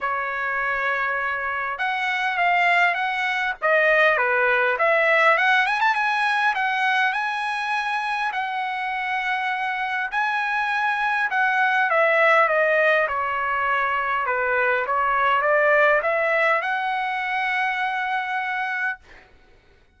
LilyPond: \new Staff \with { instrumentName = "trumpet" } { \time 4/4 \tempo 4 = 101 cis''2. fis''4 | f''4 fis''4 dis''4 b'4 | e''4 fis''8 gis''16 a''16 gis''4 fis''4 | gis''2 fis''2~ |
fis''4 gis''2 fis''4 | e''4 dis''4 cis''2 | b'4 cis''4 d''4 e''4 | fis''1 | }